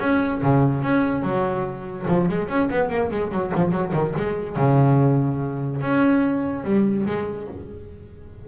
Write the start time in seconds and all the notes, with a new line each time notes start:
0.00 C#4
0.42 C#3
0.83 C#4
1.23 F#3
2.08 F3
2.29 G#3
2.49 C#4
2.70 B3
2.90 A#3
3.11 G#3
3.32 F#3
3.55 F3
3.72 F#3
3.93 D#3
4.17 G#3
4.56 C#3
5.81 C#4
6.64 G3
7.06 G#3